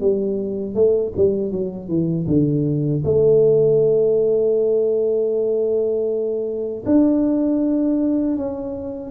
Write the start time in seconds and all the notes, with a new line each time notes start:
0.00 G3
0.75 A3
1.16 G3
1.52 F#3
1.88 E3
2.26 D3
3.04 A3
6.85 D4
8.36 C#4